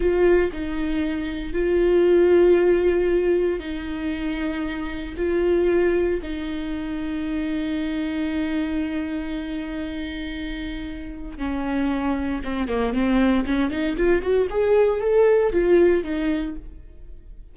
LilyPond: \new Staff \with { instrumentName = "viola" } { \time 4/4 \tempo 4 = 116 f'4 dis'2 f'4~ | f'2. dis'4~ | dis'2 f'2 | dis'1~ |
dis'1~ | dis'2 cis'2 | c'8 ais8 c'4 cis'8 dis'8 f'8 fis'8 | gis'4 a'4 f'4 dis'4 | }